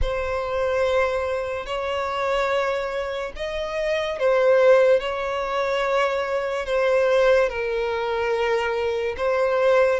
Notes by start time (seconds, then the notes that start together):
0.01 C5
1.66 C#5
3.36 D#5
4.19 C5
5.00 C#5
6.66 C5
7.48 A#4
9.17 C5